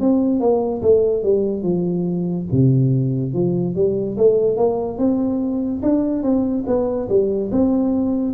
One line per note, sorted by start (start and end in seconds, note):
0.00 0.40 C4
0.40 0.81 A#3
0.82 1.23 A3
1.23 1.63 G3
1.63 2.46 F3
2.52 3.34 C3
3.34 3.75 F3
3.75 4.17 G3
4.17 4.57 A3
4.57 4.98 A#3
4.98 5.81 C4
5.83 6.23 D4
6.23 6.64 C4
6.67 7.08 B3
7.09 7.50 G3
7.52 8.34 C4